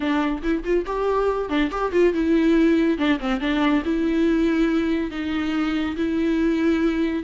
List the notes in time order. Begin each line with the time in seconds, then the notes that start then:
0.00 D4
0.42 E4
0.64 F4
0.86 G4
1.49 D4
1.71 G4
1.92 F4
2.13 E4
2.97 D4
3.19 C4
3.40 D4
3.84 E4
5.11 D#4
5.96 E4